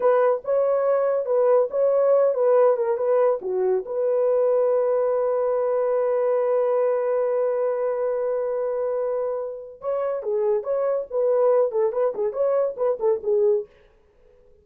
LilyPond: \new Staff \with { instrumentName = "horn" } { \time 4/4 \tempo 4 = 141 b'4 cis''2 b'4 | cis''4. b'4 ais'8 b'4 | fis'4 b'2.~ | b'1~ |
b'1~ | b'2. cis''4 | gis'4 cis''4 b'4. a'8 | b'8 gis'8 cis''4 b'8 a'8 gis'4 | }